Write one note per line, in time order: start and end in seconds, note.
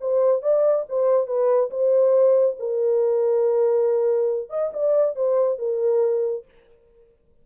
0.00 0.42 C5
0.42 0.85 D5
0.88 1.27 C5
1.27 1.70 B4
1.70 2.56 C5
2.59 4.49 A#4
4.49 4.71 D#5
4.73 5.15 D5
5.15 5.58 C5
5.58 6.45 A#4